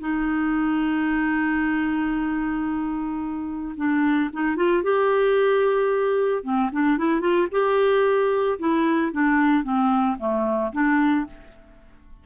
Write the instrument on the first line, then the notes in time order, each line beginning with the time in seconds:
clarinet
0.00 D#4
3.77 D4
4.33 D#4
4.56 F4
4.83 G4
6.43 C4
6.72 D4
6.98 E4
7.21 F4
7.51 G4
8.59 E4
9.12 D4
9.64 C4
10.19 A3
10.72 D4